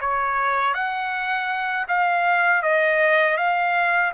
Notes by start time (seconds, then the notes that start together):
0.00 C#5
0.73 F#5
1.88 F5
2.62 D#5
3.37 F5